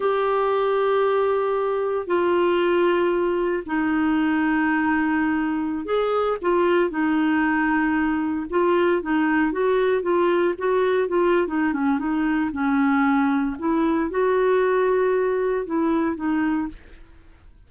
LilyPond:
\new Staff \with { instrumentName = "clarinet" } { \time 4/4 \tempo 4 = 115 g'1 | f'2. dis'4~ | dis'2.~ dis'16 gis'8.~ | gis'16 f'4 dis'2~ dis'8.~ |
dis'16 f'4 dis'4 fis'4 f'8.~ | f'16 fis'4 f'8. dis'8 cis'8 dis'4 | cis'2 e'4 fis'4~ | fis'2 e'4 dis'4 | }